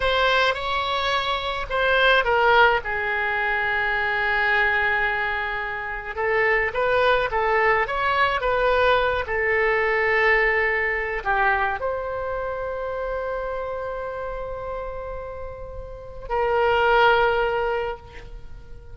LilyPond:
\new Staff \with { instrumentName = "oboe" } { \time 4/4 \tempo 4 = 107 c''4 cis''2 c''4 | ais'4 gis'2.~ | gis'2. a'4 | b'4 a'4 cis''4 b'4~ |
b'8 a'2.~ a'8 | g'4 c''2.~ | c''1~ | c''4 ais'2. | }